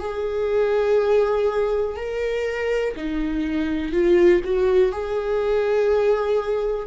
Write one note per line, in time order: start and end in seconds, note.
0.00 1.97 G#4
1.97 2.95 A#4
2.97 3.93 D#4
3.93 4.42 F4
4.45 4.92 F#4
4.92 6.87 G#4